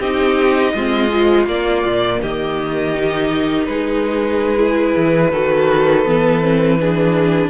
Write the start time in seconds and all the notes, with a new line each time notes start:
0.00 C4 D#4 G4 D#5
0.73 G#3 C4 F4
1.09 F3
1.46 A#3 D5
1.85 A#2
2.22 D#3 G4 D#5
2.94 D#4
3.66 G#3 G#4 B4
4.57 E4
4.96 E3
5.32 D#3 F#4 A4
6.05 E3 B3
6.41 C4
6.80 D4 G#4